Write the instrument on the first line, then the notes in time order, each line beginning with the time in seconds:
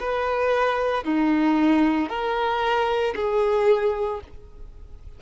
violin
0.00 B4
1.04 D#4
2.09 A#4
3.15 G#4